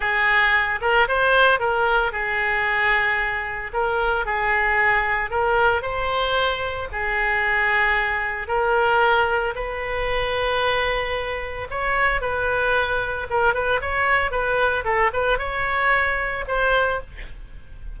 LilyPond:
\new Staff \with { instrumentName = "oboe" } { \time 4/4 \tempo 4 = 113 gis'4. ais'8 c''4 ais'4 | gis'2. ais'4 | gis'2 ais'4 c''4~ | c''4 gis'2. |
ais'2 b'2~ | b'2 cis''4 b'4~ | b'4 ais'8 b'8 cis''4 b'4 | a'8 b'8 cis''2 c''4 | }